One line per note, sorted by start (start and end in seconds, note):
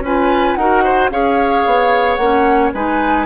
0.00 0.54 C#4
0.00 0.59 F4
0.00 0.58 B4
0.00 0.55 G#5
0.55 1.11 D#4
0.55 1.11 F#4
0.55 0.84 A#4
0.55 1.09 F#5
0.84 1.11 C5
1.11 1.65 C#4
1.11 2.19 G#4
1.11 2.74 C#5
1.11 2.16 F5
1.66 2.18 B3
2.16 2.72 A#3
2.16 2.75 C#4
2.16 2.70 F#5
2.74 3.26 G#3
2.74 3.26 D#4
2.74 3.26 B4
2.74 3.26 G#5